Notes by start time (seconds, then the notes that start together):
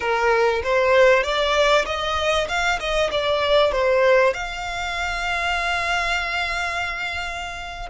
0.00 A#4
0.63 C5
1.23 D5
1.85 D#5
2.48 F5
2.79 D#5
3.11 D5
3.71 C5
4.33 F5